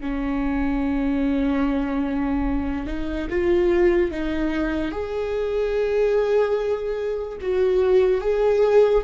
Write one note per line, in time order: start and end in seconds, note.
0.00 2.86 C#4
2.86 3.27 D#4
3.30 4.11 F4
4.11 4.91 D#4
4.91 7.38 G#4
7.41 8.21 F#4
8.21 9.03 G#4